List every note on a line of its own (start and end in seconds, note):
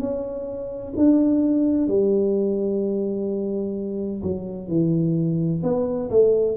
0.00 0.94 C#4
0.97 1.88 D4
1.88 4.22 G3
4.23 4.68 F#3
4.68 5.62 E3
5.63 6.10 B3
6.10 6.57 A3